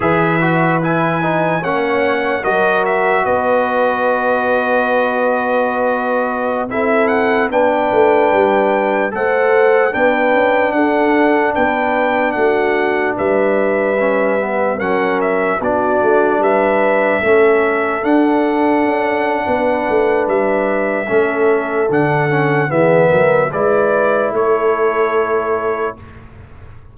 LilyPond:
<<
  \new Staff \with { instrumentName = "trumpet" } { \time 4/4 \tempo 4 = 74 e''4 gis''4 fis''4 dis''8 e''8 | dis''1~ | dis''16 e''8 fis''8 g''2 fis''8.~ | fis''16 g''4 fis''4 g''4 fis''8.~ |
fis''16 e''2 fis''8 e''8 d''8.~ | d''16 e''2 fis''4.~ fis''16~ | fis''4 e''2 fis''4 | e''4 d''4 cis''2 | }
  \new Staff \with { instrumentName = "horn" } { \time 4/4 b'2 cis''4 ais'4 | b'1~ | b'16 a'4 b'2 c''8.~ | c''16 b'4 a'4 b'4 fis'8.~ |
fis'16 b'2 ais'4 fis'8.~ | fis'16 b'4 a'2~ a'8. | b'2 a'2 | gis'8 ais'8 b'4 a'2 | }
  \new Staff \with { instrumentName = "trombone" } { \time 4/4 gis'8 fis'8 e'8 dis'8 cis'4 fis'4~ | fis'1~ | fis'16 e'4 d'2 a'8.~ | a'16 d'2.~ d'8.~ |
d'4~ d'16 cis'8 b8 cis'4 d'8.~ | d'4~ d'16 cis'4 d'4.~ d'16~ | d'2 cis'4 d'8 cis'8 | b4 e'2. | }
  \new Staff \with { instrumentName = "tuba" } { \time 4/4 e2 ais4 fis4 | b1~ | b16 c'4 b8 a8 g4 a8.~ | a16 b8 cis'8 d'4 b4 a8.~ |
a16 g2 fis4 b8 a16~ | a16 g4 a4 d'4 cis'8. | b8 a8 g4 a4 d4 | e8 fis8 gis4 a2 | }
>>